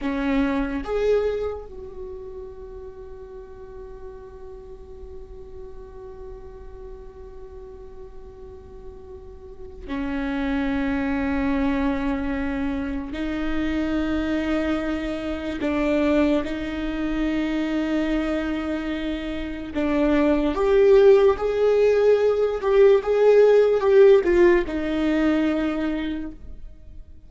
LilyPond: \new Staff \with { instrumentName = "viola" } { \time 4/4 \tempo 4 = 73 cis'4 gis'4 fis'2~ | fis'1~ | fis'1 | cis'1 |
dis'2. d'4 | dis'1 | d'4 g'4 gis'4. g'8 | gis'4 g'8 f'8 dis'2 | }